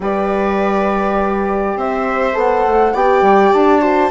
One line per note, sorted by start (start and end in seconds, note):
0.00 1.76 G3
0.00 2.33 G4
0.00 1.77 B4
0.00 1.78 D5
1.76 2.34 C4
1.76 2.94 C5
1.76 2.37 E5
2.33 2.64 B3
2.33 2.92 A4
2.33 2.95 F#5
2.66 2.94 A3
2.94 3.21 B3
2.94 3.81 G4
2.94 3.81 D5
2.94 3.53 G5
3.21 3.50 G3
3.53 4.10 D4
3.53 4.10 A5
3.81 4.10 F#4
3.81 4.10 C5